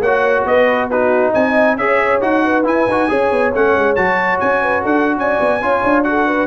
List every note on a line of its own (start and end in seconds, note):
0.00 0.44 A#3
0.00 0.91 F#4
0.00 0.45 C#5
0.00 0.45 F#5
0.44 1.32 B3
0.44 0.91 B4
0.44 0.90 D#5
0.90 1.78 D#4
0.90 1.30 F#4
0.90 1.33 B4
1.30 1.76 C4
1.30 1.74 D#5
1.30 1.77 G#5
1.76 2.20 C#4
1.76 2.21 G#4
1.76 2.44 C#5
1.76 2.21 E5
2.21 2.65 D#4
2.21 2.64 F#4
2.21 2.65 F#5
2.44 3.09 B4
2.64 2.86 E4
2.64 2.87 E4
2.64 3.54 G#5
2.87 3.09 D#4
2.87 3.08 F#4
3.08 3.31 C#4
3.08 3.52 G#4
3.08 4.61 C#5
3.31 3.53 B3
3.54 3.75 A3
3.54 3.96 C#4
3.54 3.95 F#5
3.75 3.97 G#3
3.95 4.40 F#3
3.95 5.60 F#4
3.95 4.39 A5
4.39 4.84 C#4
4.39 4.83 G#5
4.61 4.82 B4
4.82 5.16 D4
4.82 5.15 A4
4.82 5.18 F#5
5.16 5.38 C#4
5.16 5.61 D5
5.16 6.03 G#5
5.39 5.60 B3
5.60 5.82 C#4
5.60 6.04 F4
5.60 6.05 C#5
5.83 6.46 D4
6.03 6.46 F#4
6.03 6.26 A4
6.03 6.46 F#5
6.26 6.46 B4